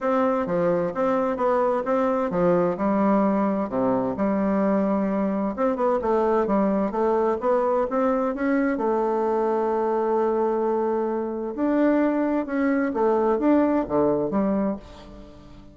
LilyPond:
\new Staff \with { instrumentName = "bassoon" } { \time 4/4 \tempo 4 = 130 c'4 f4 c'4 b4 | c'4 f4 g2 | c4 g2. | c'8 b8 a4 g4 a4 |
b4 c'4 cis'4 a4~ | a1~ | a4 d'2 cis'4 | a4 d'4 d4 g4 | }